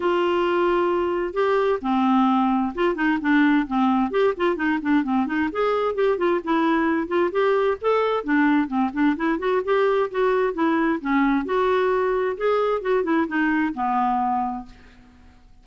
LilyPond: \new Staff \with { instrumentName = "clarinet" } { \time 4/4 \tempo 4 = 131 f'2. g'4 | c'2 f'8 dis'8 d'4 | c'4 g'8 f'8 dis'8 d'8 c'8 dis'8 | gis'4 g'8 f'8 e'4. f'8 |
g'4 a'4 d'4 c'8 d'8 | e'8 fis'8 g'4 fis'4 e'4 | cis'4 fis'2 gis'4 | fis'8 e'8 dis'4 b2 | }